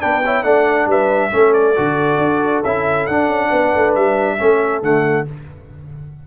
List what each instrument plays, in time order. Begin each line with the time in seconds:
0.00 tuba B3, trombone D4, horn B4, trumpet G5
0.25 trombone E4, horn C#5
0.43 tuba A3, trombone D4, horn D5, trumpet F#5
0.86 tuba G3, horn B4, trumpet E5
1.31 tuba A3, trombone C#4, horn A4
1.53 trumpet D5
1.76 tuba D3, trombone F#4
2.18 tuba D4
2.64 tuba C#4, trombone E4, trumpet E5
3.06 tuba D4, trombone D4, trumpet F#5
3.27 tuba C#4
3.51 tuba B3, horn B4
3.74 tuba A3
3.95 tuba G3, trumpet E5
4.38 tuba A3, trombone C#4, horn A4
4.82 tuba D3, trombone A3, trumpet F#5